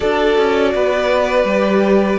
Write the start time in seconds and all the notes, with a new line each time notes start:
0.00 D4 F#4 A4 D5
0.37 C#4
0.74 B3 B4
1.43 G3 G4